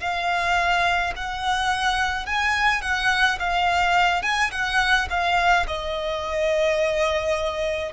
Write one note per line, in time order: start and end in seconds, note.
0.00 1.13 F5
1.16 2.26 F#5
2.26 2.82 G#5
2.82 3.39 F#5
3.40 4.22 F5
4.22 4.51 G#5
4.51 5.08 F#5
5.10 5.67 F5
5.68 7.92 D#5